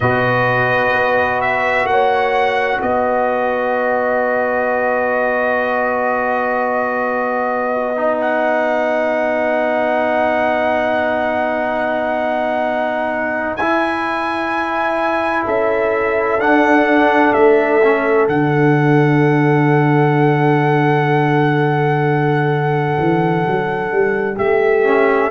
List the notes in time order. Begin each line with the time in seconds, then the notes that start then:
0.00 B2 F#4 B4 D#5
0.91 B3
1.40 E5
1.84 A#3 F#5
1.90 C#5
2.81 B3 B4 D#5
7.96 D#4
8.21 F#5
13.56 E4 G#5
15.45 C#4 A4 E5
16.38 D4 F#5
17.33 A3 E5
17.82 C#4
18.28 D3 D4 F#5
22.98 E3
23.46 F#3
23.91 G3
24.35 A3 G4 E5
24.84 C#4